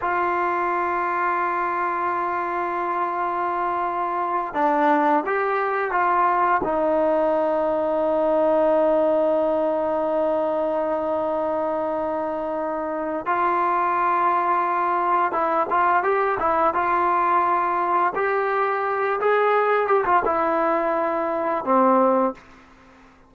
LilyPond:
\new Staff \with { instrumentName = "trombone" } { \time 4/4 \tempo 4 = 86 f'1~ | f'2~ f'8 d'4 g'8~ | g'8 f'4 dis'2~ dis'8~ | dis'1~ |
dis'2. f'4~ | f'2 e'8 f'8 g'8 e'8 | f'2 g'4. gis'8~ | gis'8 g'16 f'16 e'2 c'4 | }